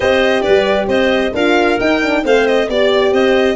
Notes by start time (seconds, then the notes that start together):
0.00 C4 G4 C5 D#5
0.42 G3 B4 D5
0.87 C4 C5 D#5
1.33 D4 F4 A#4 F5
1.79 D#4 G5
2.02 D4
2.23 A3 C4 C5 F5
2.46 D#5
2.68 B3 G4 D5
3.11 C4 C5 D#5